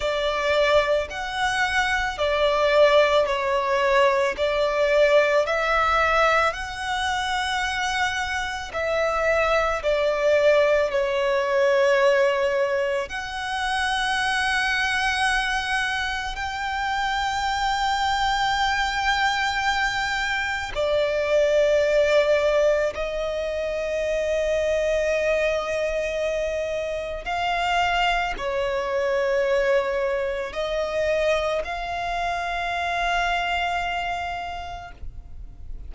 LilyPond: \new Staff \with { instrumentName = "violin" } { \time 4/4 \tempo 4 = 55 d''4 fis''4 d''4 cis''4 | d''4 e''4 fis''2 | e''4 d''4 cis''2 | fis''2. g''4~ |
g''2. d''4~ | d''4 dis''2.~ | dis''4 f''4 cis''2 | dis''4 f''2. | }